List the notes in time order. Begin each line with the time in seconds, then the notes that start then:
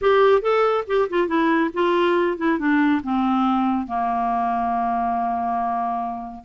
0.01 G4
0.41 A4
0.87 G4
1.09 F4
1.27 E4
1.73 F4
2.37 E4
2.58 D4
3.03 C4
3.86 A#3